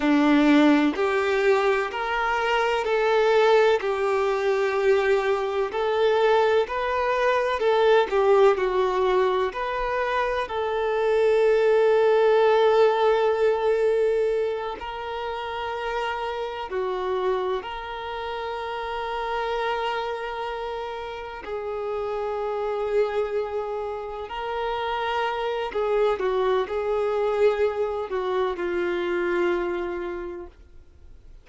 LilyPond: \new Staff \with { instrumentName = "violin" } { \time 4/4 \tempo 4 = 63 d'4 g'4 ais'4 a'4 | g'2 a'4 b'4 | a'8 g'8 fis'4 b'4 a'4~ | a'2.~ a'8 ais'8~ |
ais'4. fis'4 ais'4.~ | ais'2~ ais'8 gis'4.~ | gis'4. ais'4. gis'8 fis'8 | gis'4. fis'8 f'2 | }